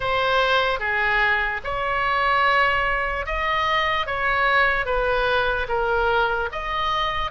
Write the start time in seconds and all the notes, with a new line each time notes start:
0.00 C5
0.79 G#4
1.64 C#5
3.26 D#5
4.06 C#5
4.85 B4
5.68 A#4
6.52 D#5